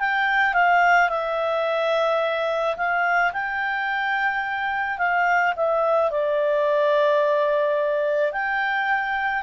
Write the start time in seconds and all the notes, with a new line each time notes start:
0.00 G5
0.54 F5
1.10 E5
2.77 F5
3.33 G5
4.98 F5
5.57 E5
6.11 D5
8.33 G5